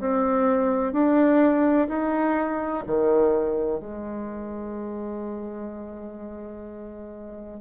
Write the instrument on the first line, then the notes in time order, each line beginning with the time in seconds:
bassoon
0.00 C4
0.93 D4
1.89 D#4
2.87 D#3
3.80 G#3